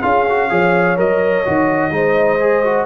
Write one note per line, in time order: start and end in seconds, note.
0.00 0.51 C#4
0.00 0.26 F4
0.00 0.48 G#4
0.00 0.97 F5
0.29 0.49 F#4
0.49 0.98 F3
0.49 0.96 G#4
0.49 1.93 C#5
0.96 1.46 F#3
0.96 1.44 A#4
0.96 2.85 D#5
1.45 1.90 D#3
1.45 1.91 F#4
1.90 2.85 G#3
1.90 2.39 D#4
1.90 2.85 C5
2.39 2.63 G#4
2.64 2.85 F#4